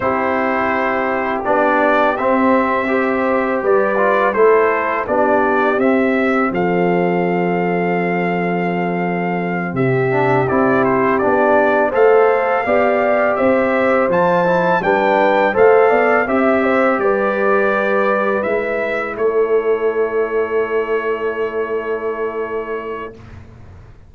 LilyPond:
<<
  \new Staff \with { instrumentName = "trumpet" } { \time 4/4 \tempo 4 = 83 c''2 d''4 e''4~ | e''4 d''4 c''4 d''4 | e''4 f''2.~ | f''4. e''4 d''8 c''8 d''8~ |
d''8 f''2 e''4 a''8~ | a''8 g''4 f''4 e''4 d''8~ | d''4. e''4 cis''4.~ | cis''1 | }
  \new Staff \with { instrumentName = "horn" } { \time 4/4 g'1 | c''4 b'4 a'4 g'4~ | g'4 a'2.~ | a'4. g'2~ g'8~ |
g'8 c''4 d''4 c''4.~ | c''8 b'4 c''8 d''8 e''8 c''8 b'8~ | b'2~ b'8 a'4.~ | a'1 | }
  \new Staff \with { instrumentName = "trombone" } { \time 4/4 e'2 d'4 c'4 | g'4. f'8 e'4 d'4 | c'1~ | c'2 d'8 e'4 d'8~ |
d'8 a'4 g'2 f'8 | e'8 d'4 a'4 g'4.~ | g'4. e'2~ e'8~ | e'1 | }
  \new Staff \with { instrumentName = "tuba" } { \time 4/4 c'2 b4 c'4~ | c'4 g4 a4 b4 | c'4 f2.~ | f4. c4 c'4 b8~ |
b8 a4 b4 c'4 f8~ | f8 g4 a8 b8 c'4 g8~ | g4. gis4 a4.~ | a1 | }
>>